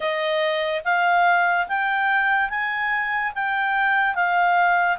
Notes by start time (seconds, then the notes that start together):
0.00 D#5
0.84 F5
1.68 G5
2.49 G#5
3.34 G5
4.14 F5